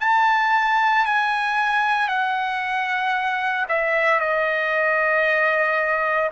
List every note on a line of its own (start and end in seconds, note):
0.00 1.05 A5
1.05 2.08 G#5
2.08 3.66 F#5
3.69 4.20 E5
4.20 6.31 D#5